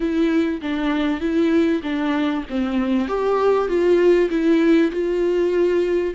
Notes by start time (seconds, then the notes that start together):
0.00 E4
0.61 D4
1.20 E4
1.82 D4
2.49 C4
3.08 G4
3.67 F4
4.29 E4
4.91 F4